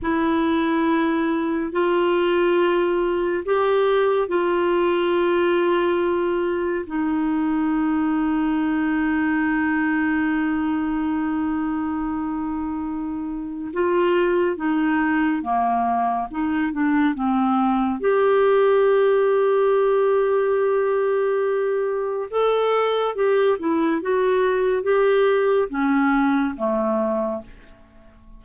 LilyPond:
\new Staff \with { instrumentName = "clarinet" } { \time 4/4 \tempo 4 = 70 e'2 f'2 | g'4 f'2. | dis'1~ | dis'1 |
f'4 dis'4 ais4 dis'8 d'8 | c'4 g'2.~ | g'2 a'4 g'8 e'8 | fis'4 g'4 cis'4 a4 | }